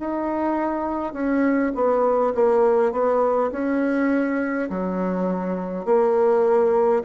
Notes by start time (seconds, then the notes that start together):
0.00 D#4
1.13 C#4
1.75 B3
2.35 A#3
2.92 B3
3.52 C#4
4.70 F#3
5.86 A#3